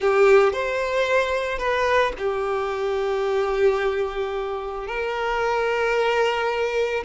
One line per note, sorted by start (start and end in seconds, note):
0.00 0.53 G4
0.53 1.58 C5
1.58 2.12 B4
2.18 4.87 G4
4.87 7.03 A#4